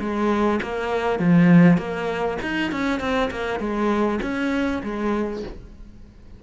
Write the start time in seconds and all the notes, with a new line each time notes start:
0.00 G#3
0.62 A#3
1.19 F3
1.78 A#3
2.42 D#4
2.72 C#4
3.00 C4
3.31 A#3
3.59 G#3
4.22 C#4
4.83 G#3